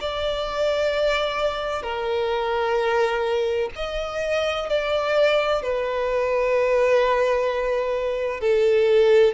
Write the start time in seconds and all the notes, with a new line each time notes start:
0.00 D5
1.82 A#4
3.75 D#5
4.69 D5
5.62 B4
8.40 A4